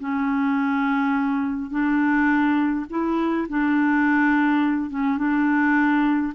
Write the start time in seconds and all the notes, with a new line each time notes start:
0.00 C#4
1.71 D4
2.90 E4
3.49 D4
4.91 C#4
5.18 D4